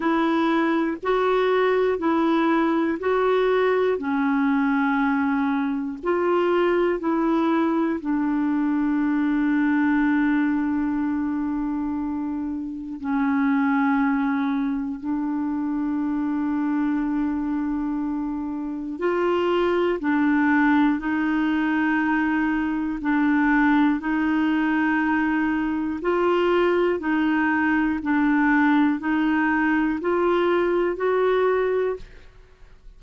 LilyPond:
\new Staff \with { instrumentName = "clarinet" } { \time 4/4 \tempo 4 = 60 e'4 fis'4 e'4 fis'4 | cis'2 f'4 e'4 | d'1~ | d'4 cis'2 d'4~ |
d'2. f'4 | d'4 dis'2 d'4 | dis'2 f'4 dis'4 | d'4 dis'4 f'4 fis'4 | }